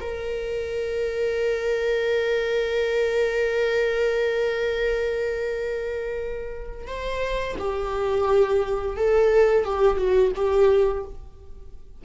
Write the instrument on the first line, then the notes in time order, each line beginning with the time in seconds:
viola
0.00 A#4
6.87 C5
7.59 G4
8.97 A4
9.65 G4
9.97 F#4
10.36 G4